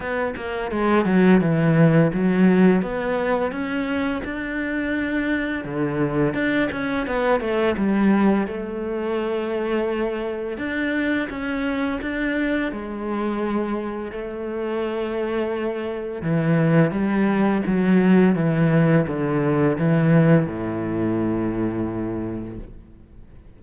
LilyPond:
\new Staff \with { instrumentName = "cello" } { \time 4/4 \tempo 4 = 85 b8 ais8 gis8 fis8 e4 fis4 | b4 cis'4 d'2 | d4 d'8 cis'8 b8 a8 g4 | a2. d'4 |
cis'4 d'4 gis2 | a2. e4 | g4 fis4 e4 d4 | e4 a,2. | }